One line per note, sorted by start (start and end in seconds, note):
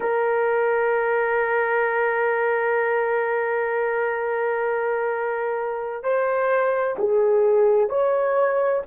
0.00 6.03 A#4
6.03 6.96 C5
6.98 7.89 G#4
7.89 8.82 C#5